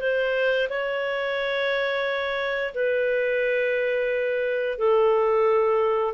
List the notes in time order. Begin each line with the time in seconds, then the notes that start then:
0.00 C5
0.69 C#5
2.74 B4
4.78 A4